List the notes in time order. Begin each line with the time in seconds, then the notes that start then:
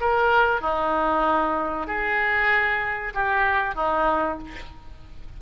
0.00 A#4
0.61 D#4
1.87 G#4
3.14 G4
3.75 D#4